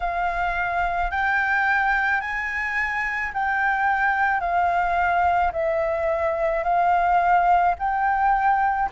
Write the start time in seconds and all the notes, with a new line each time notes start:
0.00 F5
1.11 G5
2.20 G#5
3.33 G5
4.40 F5
5.52 E5
6.63 F5
7.78 G5